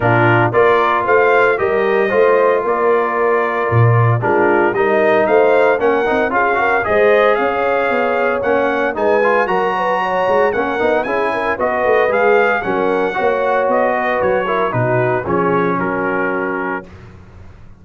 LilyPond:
<<
  \new Staff \with { instrumentName = "trumpet" } { \time 4/4 \tempo 4 = 114 ais'4 d''4 f''4 dis''4~ | dis''4 d''2. | ais'4 dis''4 f''4 fis''4 | f''4 dis''4 f''2 |
fis''4 gis''4 ais''2 | fis''4 gis''4 dis''4 f''4 | fis''2 dis''4 cis''4 | b'4 cis''4 ais'2 | }
  \new Staff \with { instrumentName = "horn" } { \time 4/4 f'4 ais'4 c''4 ais'4 | c''4 ais'2. | f'4 ais'4 c''4 ais'4 | gis'8 ais'8 c''4 cis''2~ |
cis''4 b'4 ais'8 b'8 cis''4 | ais'4 gis'8 ais'8 b'2 | ais'4 cis''4. b'4 ais'8 | fis'4 gis'4 fis'2 | }
  \new Staff \with { instrumentName = "trombone" } { \time 4/4 d'4 f'2 g'4 | f'1 | d'4 dis'2 cis'8 dis'8 | f'8 fis'8 gis'2. |
cis'4 dis'8 f'8 fis'2 | cis'8 dis'8 e'4 fis'4 gis'4 | cis'4 fis'2~ fis'8 e'8 | dis'4 cis'2. | }
  \new Staff \with { instrumentName = "tuba" } { \time 4/4 ais,4 ais4 a4 g4 | a4 ais2 ais,4 | gis4 g4 a4 ais8 c'8 | cis'4 gis4 cis'4 b4 |
ais4 gis4 fis4. gis8 | ais8 b8 cis'4 b8 a8 gis4 | fis4 ais4 b4 fis4 | b,4 f4 fis2 | }
>>